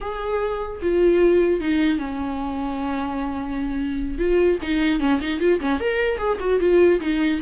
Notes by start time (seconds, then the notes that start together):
0.01 G#4
0.81 F4
1.60 D#4
1.98 C#4
4.18 F4
4.61 D#4
4.99 C#4
5.21 D#4
5.40 F4
5.60 C#4
5.79 A#4
6.18 G#4
6.40 F#4
6.60 F4
7.00 D#4